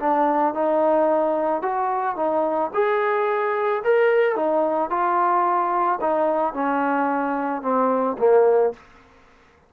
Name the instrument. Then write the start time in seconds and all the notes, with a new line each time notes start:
trombone
0.00 D4
0.55 D#4
1.62 F#4
2.16 D#4
2.74 G#4
3.85 A#4
4.36 D#4
4.90 F4
6.01 D#4
6.54 C#4
7.63 C4
8.19 A#3